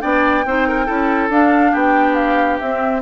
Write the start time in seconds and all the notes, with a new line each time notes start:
0.00 B3 D4 D5 G5
0.45 C4 D#4 C5
0.68 A#4
0.85 C#4 E4 A4
1.29 D4 F5
1.71 B3 G4 G5
2.15 F5
2.58 C4 E5